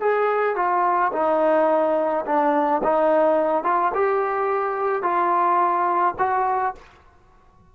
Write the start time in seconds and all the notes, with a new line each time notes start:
0.00 G#4
0.56 F4
1.12 D#4
2.25 D4
2.83 D#4
3.63 F4
3.94 G4
5.02 F4
6.18 F#4